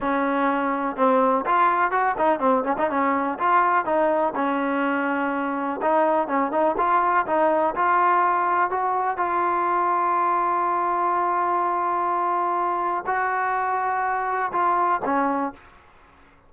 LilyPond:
\new Staff \with { instrumentName = "trombone" } { \time 4/4 \tempo 4 = 124 cis'2 c'4 f'4 | fis'8 dis'8 c'8 cis'16 dis'16 cis'4 f'4 | dis'4 cis'2. | dis'4 cis'8 dis'8 f'4 dis'4 |
f'2 fis'4 f'4~ | f'1~ | f'2. fis'4~ | fis'2 f'4 cis'4 | }